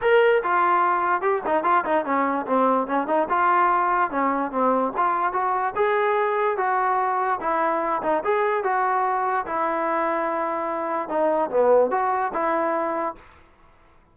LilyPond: \new Staff \with { instrumentName = "trombone" } { \time 4/4 \tempo 4 = 146 ais'4 f'2 g'8 dis'8 | f'8 dis'8 cis'4 c'4 cis'8 dis'8 | f'2 cis'4 c'4 | f'4 fis'4 gis'2 |
fis'2 e'4. dis'8 | gis'4 fis'2 e'4~ | e'2. dis'4 | b4 fis'4 e'2 | }